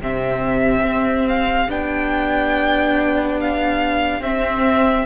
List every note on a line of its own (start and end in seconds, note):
0.00 0.82 C3
0.00 1.68 C4
0.00 5.05 G4
0.00 1.28 E5
0.82 1.67 C4
1.28 1.70 F5
1.68 4.20 B3
1.68 4.22 D4
1.68 3.39 G5
3.40 4.22 F5
4.20 5.04 C4
4.20 5.05 C4
4.20 5.05 E5